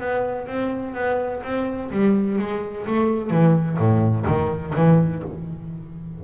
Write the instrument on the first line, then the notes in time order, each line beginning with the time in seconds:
double bass
0.00 B3
0.47 C4
0.95 B3
1.43 C4
1.91 G3
2.39 G#3
2.87 A3
3.30 E3
3.78 A2
4.27 D#3
4.76 E3